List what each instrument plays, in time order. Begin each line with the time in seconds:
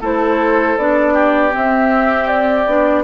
0.00 bassoon A3, clarinet E4, oboe A4, flute C5
0.77 bassoon B3, clarinet D4, flute D5
1.13 oboe G4
1.51 clarinet C4, bassoon C4, flute E5
2.27 flute D5
2.66 bassoon B3, clarinet D4